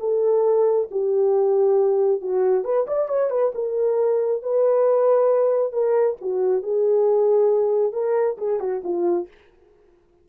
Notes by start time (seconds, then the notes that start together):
0.00 A4
0.91 G4
2.22 F#4
2.64 B4
2.87 D5
3.08 C#5
3.30 B4
3.55 A#4
4.43 B4
5.73 A#4
6.21 F#4
6.63 G#4
7.93 A#4
8.38 G#4
8.60 F#4
8.84 F4